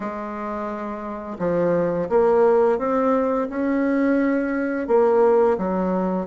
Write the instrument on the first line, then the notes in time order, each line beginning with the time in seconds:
bassoon
0.00 G#3
1.39 F3
2.09 A#3
2.78 C4
3.49 C#4
4.87 A#3
5.58 F#3